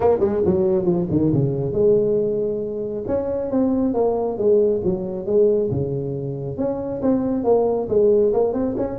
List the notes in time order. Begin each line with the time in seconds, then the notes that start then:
0.00 A#3
0.20 G#3
0.45 F#3
0.85 F3
1.10 D#3
1.33 C#3
1.72 G#3
3.07 C#4
3.50 C4
3.94 A#3
4.38 G#3
4.84 F#3
5.26 G#3
5.70 C#3
6.57 C#4
7.02 C4
7.44 A#3
7.89 G#3
8.33 A#3
8.53 C4
8.77 C#4